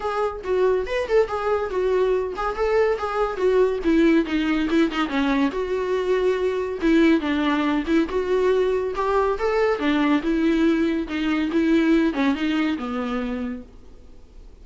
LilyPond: \new Staff \with { instrumentName = "viola" } { \time 4/4 \tempo 4 = 141 gis'4 fis'4 b'8 a'8 gis'4 | fis'4. gis'8 a'4 gis'4 | fis'4 e'4 dis'4 e'8 dis'8 | cis'4 fis'2. |
e'4 d'4. e'8 fis'4~ | fis'4 g'4 a'4 d'4 | e'2 dis'4 e'4~ | e'8 cis'8 dis'4 b2 | }